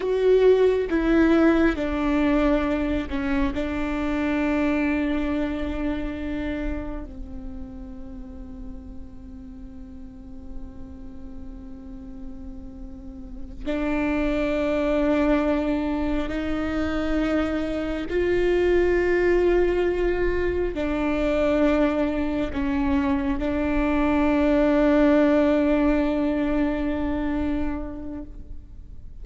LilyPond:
\new Staff \with { instrumentName = "viola" } { \time 4/4 \tempo 4 = 68 fis'4 e'4 d'4. cis'8 | d'1 | c'1~ | c'2.~ c'8 d'8~ |
d'2~ d'8 dis'4.~ | dis'8 f'2. d'8~ | d'4. cis'4 d'4.~ | d'1 | }